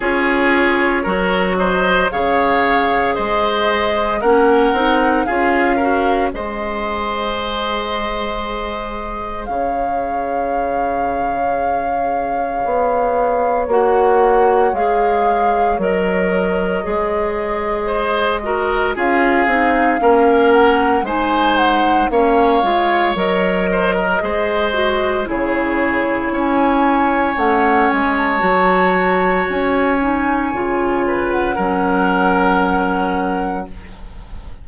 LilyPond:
<<
  \new Staff \with { instrumentName = "flute" } { \time 4/4 \tempo 4 = 57 cis''4. dis''8 f''4 dis''4 | fis''4 f''4 dis''2~ | dis''4 f''2.~ | f''4 fis''4 f''4 dis''4~ |
dis''2 f''4. fis''8 | gis''8 fis''8 f''4 dis''2 | cis''4 gis''4 fis''8 gis''16 a''4~ a''16 | gis''4.~ gis''16 fis''2~ fis''16 | }
  \new Staff \with { instrumentName = "oboe" } { \time 4/4 gis'4 ais'8 c''8 cis''4 c''4 | ais'4 gis'8 ais'8 c''2~ | c''4 cis''2.~ | cis''1~ |
cis''4 c''8 ais'8 gis'4 ais'4 | c''4 cis''4. c''16 ais'16 c''4 | gis'4 cis''2.~ | cis''4. b'8 ais'2 | }
  \new Staff \with { instrumentName = "clarinet" } { \time 4/4 f'4 fis'4 gis'2 | cis'8 dis'8 f'8 fis'8 gis'2~ | gis'1~ | gis'4 fis'4 gis'4 ais'4 |
gis'4. fis'8 f'8 dis'8 cis'4 | dis'4 cis'8 f'8 ais'4 gis'8 fis'8 | e'2 cis'4 fis'4~ | fis'8 dis'8 f'4 cis'2 | }
  \new Staff \with { instrumentName = "bassoon" } { \time 4/4 cis'4 fis4 cis4 gis4 | ais8 c'8 cis'4 gis2~ | gis4 cis2. | b4 ais4 gis4 fis4 |
gis2 cis'8 c'8 ais4 | gis4 ais8 gis8 fis4 gis4 | cis4 cis'4 a8 gis8 fis4 | cis'4 cis4 fis2 | }
>>